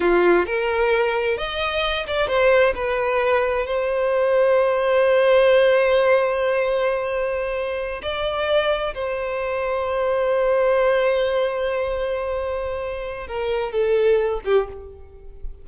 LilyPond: \new Staff \with { instrumentName = "violin" } { \time 4/4 \tempo 4 = 131 f'4 ais'2 dis''4~ | dis''8 d''8 c''4 b'2 | c''1~ | c''1~ |
c''4. d''2 c''8~ | c''1~ | c''1~ | c''4 ais'4 a'4. g'8 | }